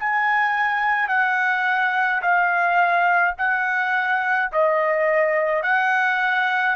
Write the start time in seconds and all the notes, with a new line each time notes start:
0.00 G#5
1.09 F#5
2.22 F5
3.38 F#5
4.53 D#5
5.63 F#5